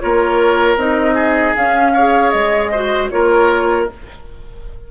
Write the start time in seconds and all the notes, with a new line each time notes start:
0.00 A#3 F4 A#4 C#5
0.76 C4 D#4 D#5
1.15 G#4
1.56 C#4 F5
1.94 G#4 C#5
2.31 G#3 D#5
2.71 F#4 C5
3.10 A#3 F4 A#4 C#5